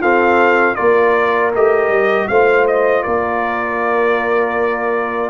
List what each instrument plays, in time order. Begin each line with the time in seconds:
0.00 trombone C4, tuba F4, horn A4, trumpet F5
0.75 tuba A#3, trombone F4, horn A#4, trumpet D5
1.55 tuba A3, trombone G4, trumpet D#5
1.88 tuba G3
2.28 tuba A3, trombone F4, horn C5, trumpet F5
2.67 trumpet D#5
3.03 tuba A#3, horn A#4, trumpet D5